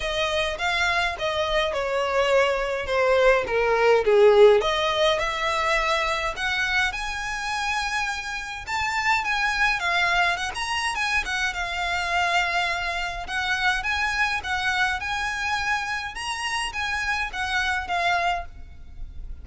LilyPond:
\new Staff \with { instrumentName = "violin" } { \time 4/4 \tempo 4 = 104 dis''4 f''4 dis''4 cis''4~ | cis''4 c''4 ais'4 gis'4 | dis''4 e''2 fis''4 | gis''2. a''4 |
gis''4 f''4 fis''16 ais''8. gis''8 fis''8 | f''2. fis''4 | gis''4 fis''4 gis''2 | ais''4 gis''4 fis''4 f''4 | }